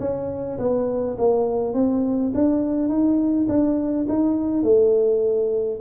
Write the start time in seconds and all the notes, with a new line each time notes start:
0.00 C#4
0.59 B3
1.18 A#3
1.74 C4
2.34 D4
2.89 D#4
3.49 D4
4.09 D#4
4.63 A3